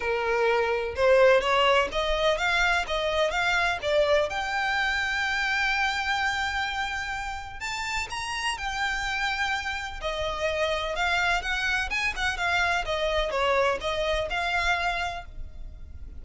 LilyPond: \new Staff \with { instrumentName = "violin" } { \time 4/4 \tempo 4 = 126 ais'2 c''4 cis''4 | dis''4 f''4 dis''4 f''4 | d''4 g''2.~ | g''1 |
a''4 ais''4 g''2~ | g''4 dis''2 f''4 | fis''4 gis''8 fis''8 f''4 dis''4 | cis''4 dis''4 f''2 | }